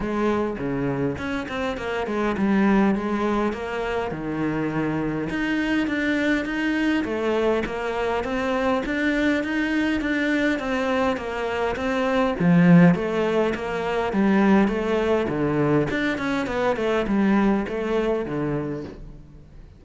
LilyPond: \new Staff \with { instrumentName = "cello" } { \time 4/4 \tempo 4 = 102 gis4 cis4 cis'8 c'8 ais8 gis8 | g4 gis4 ais4 dis4~ | dis4 dis'4 d'4 dis'4 | a4 ais4 c'4 d'4 |
dis'4 d'4 c'4 ais4 | c'4 f4 a4 ais4 | g4 a4 d4 d'8 cis'8 | b8 a8 g4 a4 d4 | }